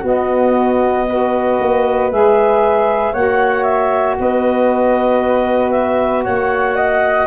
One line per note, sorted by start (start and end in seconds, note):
0.00 1.06 B3
0.00 1.58 B3
0.00 1.03 F#4
0.00 2.11 D#5
1.08 2.10 F#4
1.08 3.12 B4
1.60 2.11 A#3
2.10 3.13 G#3
2.10 3.14 G#4
2.10 3.13 E5
3.12 4.17 A#3
3.12 7.26 F#4
3.12 4.16 C#5
3.12 3.62 F#5
3.62 4.14 E5
4.19 6.26 B3
4.19 6.24 B4
4.19 5.71 D#5
5.71 6.22 E5
6.23 7.26 A#3
6.23 6.75 C#5
6.23 7.26 F#5
6.75 7.26 D#5